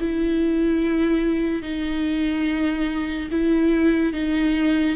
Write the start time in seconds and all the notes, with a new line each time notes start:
0.00 E4
1.62 D#4
3.31 E4
4.14 D#4